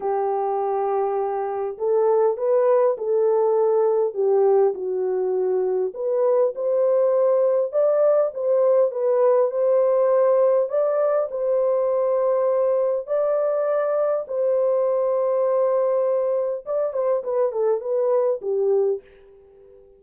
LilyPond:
\new Staff \with { instrumentName = "horn" } { \time 4/4 \tempo 4 = 101 g'2. a'4 | b'4 a'2 g'4 | fis'2 b'4 c''4~ | c''4 d''4 c''4 b'4 |
c''2 d''4 c''4~ | c''2 d''2 | c''1 | d''8 c''8 b'8 a'8 b'4 g'4 | }